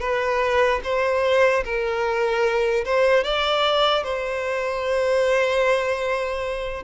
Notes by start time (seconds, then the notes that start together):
0.00 B4
0.84 C5
1.65 A#4
2.85 C5
3.24 D5
4.03 C5